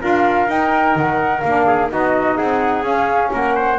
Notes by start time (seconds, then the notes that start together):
0.00 D4 F4 A#4 F5
0.47 D#4 G5
0.95 D#3 F#5
1.40 A#3 D4 F5
1.66 G#4
1.89 B3 D#4 F#4 D#5
2.37 C4 G#4 F#5
2.83 C#4 F5
3.33 A#3 A#4 F#5
3.55 C5